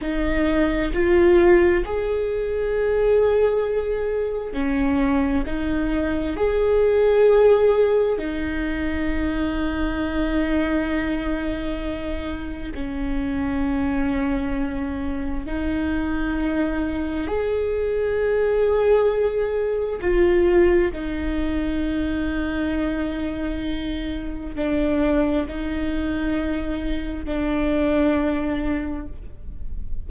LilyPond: \new Staff \with { instrumentName = "viola" } { \time 4/4 \tempo 4 = 66 dis'4 f'4 gis'2~ | gis'4 cis'4 dis'4 gis'4~ | gis'4 dis'2.~ | dis'2 cis'2~ |
cis'4 dis'2 gis'4~ | gis'2 f'4 dis'4~ | dis'2. d'4 | dis'2 d'2 | }